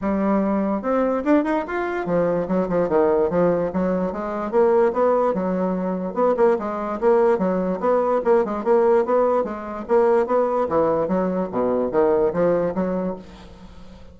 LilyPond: \new Staff \with { instrumentName = "bassoon" } { \time 4/4 \tempo 4 = 146 g2 c'4 d'8 dis'8 | f'4 f4 fis8 f8 dis4 | f4 fis4 gis4 ais4 | b4 fis2 b8 ais8 |
gis4 ais4 fis4 b4 | ais8 gis8 ais4 b4 gis4 | ais4 b4 e4 fis4 | b,4 dis4 f4 fis4 | }